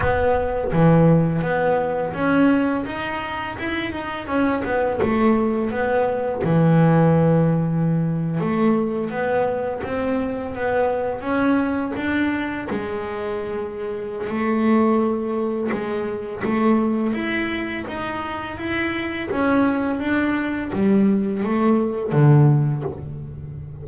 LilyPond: \new Staff \with { instrumentName = "double bass" } { \time 4/4 \tempo 4 = 84 b4 e4 b4 cis'4 | dis'4 e'8 dis'8 cis'8 b8 a4 | b4 e2~ e8. a16~ | a8. b4 c'4 b4 cis'16~ |
cis'8. d'4 gis2~ gis16 | a2 gis4 a4 | e'4 dis'4 e'4 cis'4 | d'4 g4 a4 d4 | }